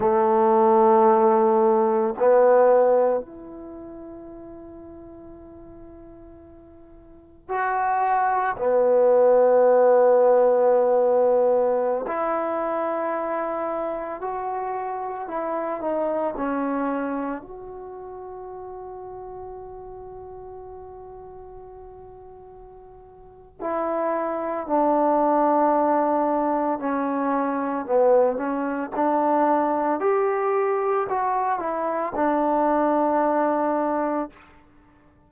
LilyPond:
\new Staff \with { instrumentName = "trombone" } { \time 4/4 \tempo 4 = 56 a2 b4 e'4~ | e'2. fis'4 | b2.~ b16 e'8.~ | e'4~ e'16 fis'4 e'8 dis'8 cis'8.~ |
cis'16 fis'2.~ fis'8.~ | fis'2 e'4 d'4~ | d'4 cis'4 b8 cis'8 d'4 | g'4 fis'8 e'8 d'2 | }